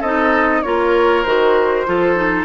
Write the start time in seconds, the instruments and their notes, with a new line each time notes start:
0.00 bassoon C4, clarinet D#4, oboe A4, flute D#5
0.62 bassoon A#3, clarinet F4, oboe A#4, flute C#5
1.23 bassoon D#3, clarinet F#4, flute C5
1.86 bassoon F3, clarinet F4, oboe A4
2.16 clarinet D#4